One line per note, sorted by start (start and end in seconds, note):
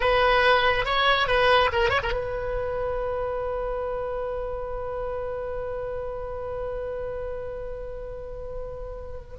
0.00 0.85 B4
0.85 1.27 C#5
1.27 1.70 B4
1.72 1.89 A#4
1.89 2.00 C#5
2.02 2.12 A#4
2.12 9.35 B4